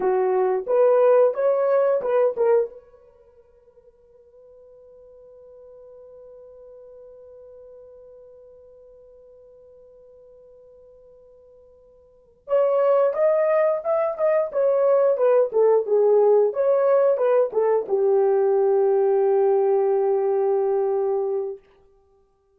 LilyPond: \new Staff \with { instrumentName = "horn" } { \time 4/4 \tempo 4 = 89 fis'4 b'4 cis''4 b'8 ais'8 | b'1~ | b'1~ | b'1~ |
b'2~ b'8 cis''4 dis''8~ | dis''8 e''8 dis''8 cis''4 b'8 a'8 gis'8~ | gis'8 cis''4 b'8 a'8 g'4.~ | g'1 | }